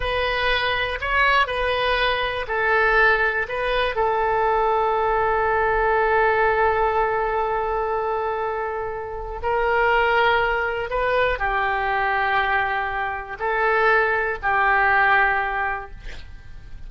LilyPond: \new Staff \with { instrumentName = "oboe" } { \time 4/4 \tempo 4 = 121 b'2 cis''4 b'4~ | b'4 a'2 b'4 | a'1~ | a'1~ |
a'2. ais'4~ | ais'2 b'4 g'4~ | g'2. a'4~ | a'4 g'2. | }